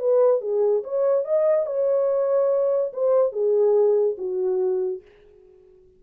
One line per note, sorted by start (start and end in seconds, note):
0.00 0.41 B4
0.41 0.83 G#4
0.84 1.25 C#5
1.25 1.67 D#5
1.67 2.93 C#5
2.94 3.33 C5
3.33 4.17 G#4
4.18 5.02 F#4